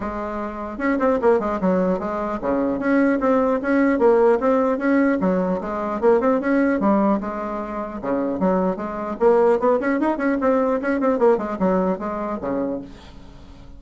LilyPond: \new Staff \with { instrumentName = "bassoon" } { \time 4/4 \tempo 4 = 150 gis2 cis'8 c'8 ais8 gis8 | fis4 gis4 cis4 cis'4 | c'4 cis'4 ais4 c'4 | cis'4 fis4 gis4 ais8 c'8 |
cis'4 g4 gis2 | cis4 fis4 gis4 ais4 | b8 cis'8 dis'8 cis'8 c'4 cis'8 c'8 | ais8 gis8 fis4 gis4 cis4 | }